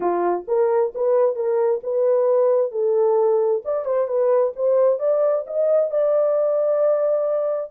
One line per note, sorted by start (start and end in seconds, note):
0.00 0.45 F4
0.47 0.93 A#4
0.94 1.35 B4
1.35 1.81 A#4
1.83 2.71 B4
2.71 3.62 A4
3.64 3.85 D5
3.85 4.07 C5
4.07 4.52 B4
4.56 4.99 C5
4.99 5.44 D5
5.46 5.90 D#5
5.90 7.71 D5